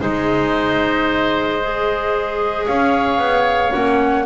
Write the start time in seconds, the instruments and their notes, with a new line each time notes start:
0.00 double bass G#3, clarinet D#4, oboe C5, flute D#5
1.63 clarinet G#4
2.66 double bass C#4, oboe C#5, flute F5
3.18 double bass B3
3.72 double bass A#3, clarinet C#4, flute F#5